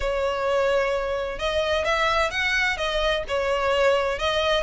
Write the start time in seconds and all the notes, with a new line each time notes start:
0.00 C#5
1.38 D#5
1.84 E5
2.30 F#5
2.77 D#5
3.27 C#5
4.18 D#5